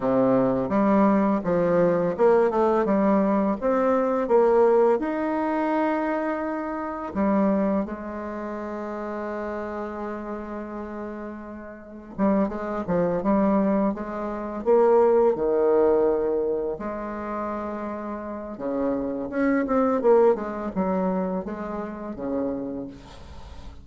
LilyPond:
\new Staff \with { instrumentName = "bassoon" } { \time 4/4 \tempo 4 = 84 c4 g4 f4 ais8 a8 | g4 c'4 ais4 dis'4~ | dis'2 g4 gis4~ | gis1~ |
gis4 g8 gis8 f8 g4 gis8~ | gis8 ais4 dis2 gis8~ | gis2 cis4 cis'8 c'8 | ais8 gis8 fis4 gis4 cis4 | }